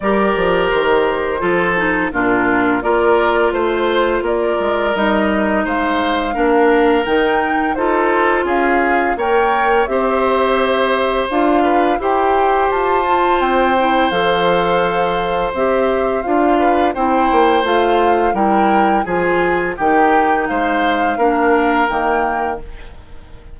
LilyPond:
<<
  \new Staff \with { instrumentName = "flute" } { \time 4/4 \tempo 4 = 85 d''4 c''2 ais'4 | d''4 c''4 d''4 dis''4 | f''2 g''4 c''4 | f''4 g''4 e''2 |
f''4 g''4 a''4 g''4 | f''2 e''4 f''4 | g''4 f''4 g''4 gis''4 | g''4 f''2 g''4 | }
  \new Staff \with { instrumentName = "oboe" } { \time 4/4 ais'2 a'4 f'4 | ais'4 c''4 ais'2 | c''4 ais'2 a'4 | gis'4 cis''4 c''2~ |
c''8 b'8 c''2.~ | c''2.~ c''8 b'8 | c''2 ais'4 gis'4 | g'4 c''4 ais'2 | }
  \new Staff \with { instrumentName = "clarinet" } { \time 4/4 g'2 f'8 dis'8 d'4 | f'2. dis'4~ | dis'4 d'4 dis'4 f'4~ | f'4 ais'4 g'2 |
f'4 g'4. f'4 e'8 | a'2 g'4 f'4 | e'4 f'4 e'4 f'4 | dis'2 d'4 ais4 | }
  \new Staff \with { instrumentName = "bassoon" } { \time 4/4 g8 f8 dis4 f4 ais,4 | ais4 a4 ais8 gis8 g4 | gis4 ais4 dis4 dis'4 | cis'4 ais4 c'2 |
d'4 e'4 f'4 c'4 | f2 c'4 d'4 | c'8 ais8 a4 g4 f4 | dis4 gis4 ais4 dis4 | }
>>